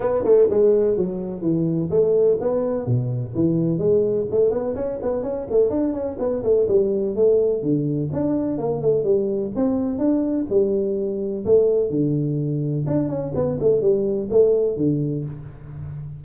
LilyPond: \new Staff \with { instrumentName = "tuba" } { \time 4/4 \tempo 4 = 126 b8 a8 gis4 fis4 e4 | a4 b4 b,4 e4 | gis4 a8 b8 cis'8 b8 cis'8 a8 | d'8 cis'8 b8 a8 g4 a4 |
d4 d'4 ais8 a8 g4 | c'4 d'4 g2 | a4 d2 d'8 cis'8 | b8 a8 g4 a4 d4 | }